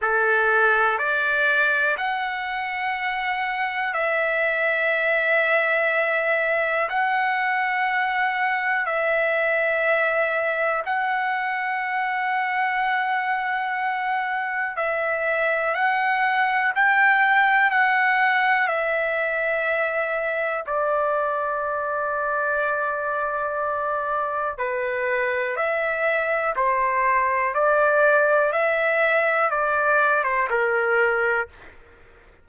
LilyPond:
\new Staff \with { instrumentName = "trumpet" } { \time 4/4 \tempo 4 = 61 a'4 d''4 fis''2 | e''2. fis''4~ | fis''4 e''2 fis''4~ | fis''2. e''4 |
fis''4 g''4 fis''4 e''4~ | e''4 d''2.~ | d''4 b'4 e''4 c''4 | d''4 e''4 d''8. c''16 ais'4 | }